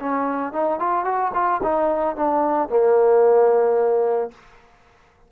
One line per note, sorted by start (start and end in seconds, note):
0.00 0.53 C#4
0.53 0.80 D#4
0.80 1.05 F4
1.05 1.32 F#4
1.34 1.61 F4
1.63 2.16 D#4
2.16 2.69 D4
2.69 4.31 A#3